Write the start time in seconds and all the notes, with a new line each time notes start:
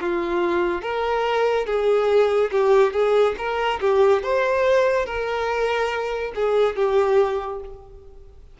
0.00 F4
0.81 A#4
1.66 G#4
2.51 G4
2.93 G#4
3.37 A#4
3.80 G4
4.23 C5
5.06 A#4
6.35 G#4
6.75 G4